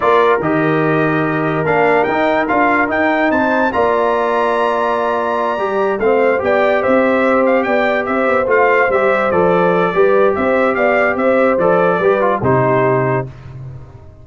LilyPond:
<<
  \new Staff \with { instrumentName = "trumpet" } { \time 4/4 \tempo 4 = 145 d''4 dis''2. | f''4 g''4 f''4 g''4 | a''4 ais''2.~ | ais''2~ ais''8 f''4 g''8~ |
g''8 e''4. f''8 g''4 e''8~ | e''8 f''4 e''4 d''4.~ | d''4 e''4 f''4 e''4 | d''2 c''2 | }
  \new Staff \with { instrumentName = "horn" } { \time 4/4 ais'1~ | ais'1 | c''4 d''2.~ | d''2~ d''8 c''4 d''8~ |
d''8 c''2 d''4 c''8~ | c''1 | b'4 c''4 d''4 c''4~ | c''4 b'4 g'2 | }
  \new Staff \with { instrumentName = "trombone" } { \time 4/4 f'4 g'2. | d'4 dis'4 f'4 dis'4~ | dis'4 f'2.~ | f'4. g'4 c'4 g'8~ |
g'1~ | g'8 f'4 g'4 a'4. | g'1 | a'4 g'8 f'8 dis'2 | }
  \new Staff \with { instrumentName = "tuba" } { \time 4/4 ais4 dis2. | ais4 dis'4 d'4 dis'4 | c'4 ais2.~ | ais4. g4 a4 b8~ |
b8 c'2 b4 c'8 | b8 a4 g4 f4. | g4 c'4 b4 c'4 | f4 g4 c2 | }
>>